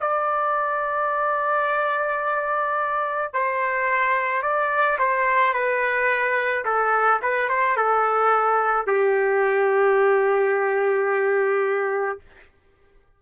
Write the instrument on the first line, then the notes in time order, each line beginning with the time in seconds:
trumpet
0.00 D5
3.33 C5
4.42 D5
4.98 C5
5.53 B4
6.65 A4
7.22 B4
7.48 C5
7.76 A4
8.86 G4